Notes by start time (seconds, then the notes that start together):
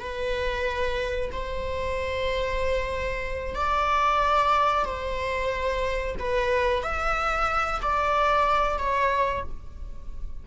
0.00 B4
1.32 C5
3.55 D5
4.85 C5
6.19 B4
6.83 E5
7.82 D5
8.78 C#5